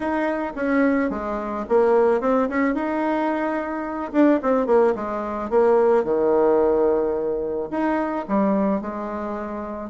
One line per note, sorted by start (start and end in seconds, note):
0.00 0.52 D#4
0.55 1.10 C#4
1.10 1.65 G#3
1.68 2.20 A#3
2.20 2.48 C4
2.49 2.74 C#4
2.74 4.12 D#4
4.12 4.40 D4
4.42 4.66 C4
4.66 4.93 A#3
4.95 5.50 G#3
5.50 6.04 A#3
6.04 7.69 D#3
7.70 8.25 D#4
8.28 8.81 G3
8.81 9.90 G#3